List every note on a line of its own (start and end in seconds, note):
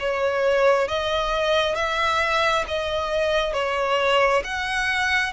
0.00 0.88 C#5
0.88 1.75 D#5
1.75 2.65 E5
2.68 3.54 D#5
3.54 4.43 C#5
4.45 5.33 F#5